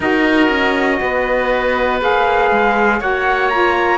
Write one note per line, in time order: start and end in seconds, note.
0.00 0.49 D#4
0.00 2.01 F#4
0.00 0.99 A#4
0.00 2.01 D#5
0.49 0.99 C#4
1.01 2.01 B3
1.01 3.00 B4
2.01 2.50 A#3
2.01 3.00 G#4
2.01 3.01 F5
2.50 3.00 G#3
3.00 3.97 A#3
3.00 3.50 F#4
3.00 3.97 C#5
3.00 3.49 F#5
3.49 3.97 F4
3.49 3.97 A#5